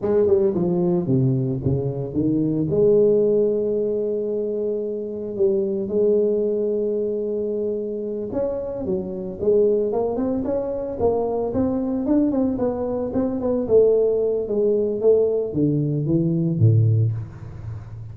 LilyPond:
\new Staff \with { instrumentName = "tuba" } { \time 4/4 \tempo 4 = 112 gis8 g8 f4 c4 cis4 | dis4 gis2.~ | gis2 g4 gis4~ | gis2.~ gis8 cis'8~ |
cis'8 fis4 gis4 ais8 c'8 cis'8~ | cis'8 ais4 c'4 d'8 c'8 b8~ | b8 c'8 b8 a4. gis4 | a4 d4 e4 a,4 | }